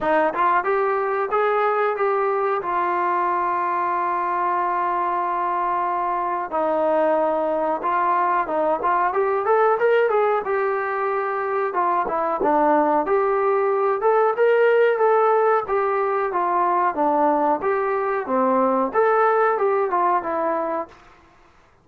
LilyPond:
\new Staff \with { instrumentName = "trombone" } { \time 4/4 \tempo 4 = 92 dis'8 f'8 g'4 gis'4 g'4 | f'1~ | f'2 dis'2 | f'4 dis'8 f'8 g'8 a'8 ais'8 gis'8 |
g'2 f'8 e'8 d'4 | g'4. a'8 ais'4 a'4 | g'4 f'4 d'4 g'4 | c'4 a'4 g'8 f'8 e'4 | }